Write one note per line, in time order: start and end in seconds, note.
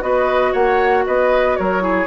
0.00 0.53 B3
0.00 1.80 F#4
0.00 0.52 B4
0.00 0.53 D#5
0.52 1.05 A#3
0.52 1.04 C#5
0.52 1.05 F#5
1.06 1.59 B3
1.06 1.58 B4
1.06 1.56 D#5
1.56 2.06 F#3
1.56 1.83 A#4
1.56 2.06 C#5
1.80 2.05 E4
1.80 2.06 G#4